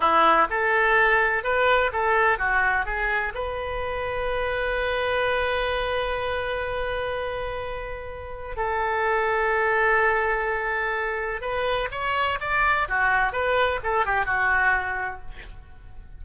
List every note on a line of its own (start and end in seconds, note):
0.00 0.47 E4
0.50 1.43 A4
1.43 1.91 B4
1.92 2.38 A4
2.38 2.85 F#4
2.85 3.33 G#4
3.34 8.56 B4
8.56 11.41 A4
11.41 11.89 B4
11.91 12.38 C#5
12.40 12.88 D5
12.88 13.32 F#4
13.32 13.80 B4
13.83 14.05 A4
14.05 14.25 G4
14.25 15.21 F#4